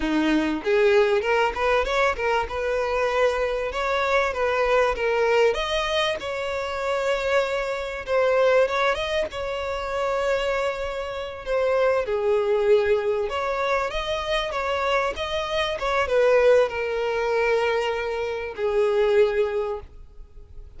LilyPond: \new Staff \with { instrumentName = "violin" } { \time 4/4 \tempo 4 = 97 dis'4 gis'4 ais'8 b'8 cis''8 ais'8 | b'2 cis''4 b'4 | ais'4 dis''4 cis''2~ | cis''4 c''4 cis''8 dis''8 cis''4~ |
cis''2~ cis''8 c''4 gis'8~ | gis'4. cis''4 dis''4 cis''8~ | cis''8 dis''4 cis''8 b'4 ais'4~ | ais'2 gis'2 | }